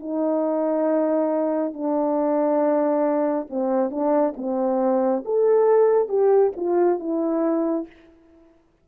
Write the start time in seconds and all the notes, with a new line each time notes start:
0.00 D#4
1.74 D4
3.50 C4
3.91 D4
4.37 C4
5.25 A4
6.09 G4
6.57 F4
7.00 E4